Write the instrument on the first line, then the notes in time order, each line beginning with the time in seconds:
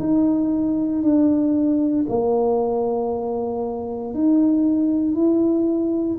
tuba
0.00 D#4
1.03 D4
2.09 A#3
4.14 D#4
5.15 E4